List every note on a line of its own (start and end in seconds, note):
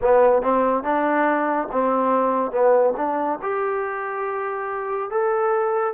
0.01 0.42 B3
0.42 0.83 C4
0.83 1.67 D4
1.71 2.51 C4
2.51 2.93 B3
2.97 3.39 D4
3.42 5.10 G4
5.10 5.93 A4